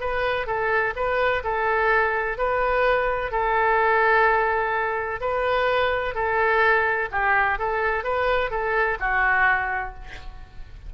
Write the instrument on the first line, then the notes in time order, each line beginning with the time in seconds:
oboe
0.00 B4
0.47 A4
0.96 B4
1.44 A4
2.38 B4
3.32 A4
5.21 B4
6.14 A4
7.11 G4
7.59 A4
8.04 B4
8.51 A4
9.00 F#4